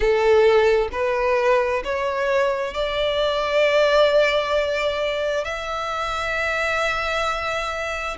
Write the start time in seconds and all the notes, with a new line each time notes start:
0.00 A4
0.92 B4
1.83 C#5
2.74 D5
5.44 E5